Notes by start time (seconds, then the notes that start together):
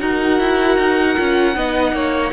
0.00 D#4 F#4 A#4 F#5
0.39 E4
0.78 D#4
1.16 C#4 F4
1.55 B3 D#4 D#5
1.92 A#3 C#5